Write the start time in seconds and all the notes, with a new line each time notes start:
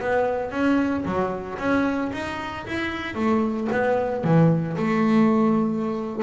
0.00 B3
0.51 C#4
1.05 F#3
1.58 C#4
2.13 D#4
2.67 E4
3.15 A3
3.72 B3
4.24 E3
4.77 A3